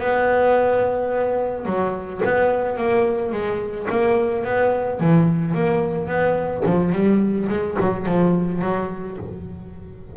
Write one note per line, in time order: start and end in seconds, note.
0.00 1.66 B3
1.66 2.22 F#3
2.25 2.78 B3
2.78 3.32 A#3
3.32 3.88 G#3
3.90 4.45 A#3
4.45 5.00 B3
5.00 5.55 E3
5.55 6.08 A#3
6.08 6.64 B3
6.66 6.93 F3
6.93 7.48 G3
7.50 7.78 G#3
7.81 8.07 F#3
8.07 8.62 F3
8.62 9.18 F#3